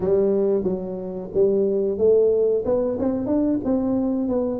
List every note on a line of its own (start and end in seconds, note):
0.00 0.63 G3
0.63 1.29 F#3
1.34 1.98 G3
1.98 2.64 A3
2.65 2.98 B3
2.99 3.26 C4
3.26 3.59 D4
3.64 4.28 C4
4.28 4.60 B3